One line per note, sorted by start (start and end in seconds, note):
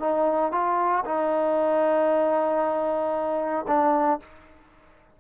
0.00 0.52 D#4
0.52 1.04 F4
1.05 3.66 D#4
3.68 4.20 D4